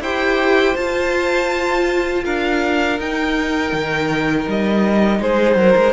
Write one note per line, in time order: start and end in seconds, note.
0.00 0.74 E4
0.00 0.76 G4
0.00 2.23 C5
0.00 0.76 G5
0.76 2.98 F4
0.76 2.24 F4
0.76 2.24 A5
2.24 2.98 D4
2.24 5.20 A#4
2.24 2.99 F5
2.98 3.72 D#4
2.98 5.93 D#4
2.98 4.48 G5
3.72 4.46 D#3
4.47 5.19 G3
4.47 5.21 D#5
5.19 5.55 G#3
5.19 5.57 G#4
5.19 5.93 C5
5.55 5.74 F#3
5.55 5.93 A#4
5.76 5.93 G#3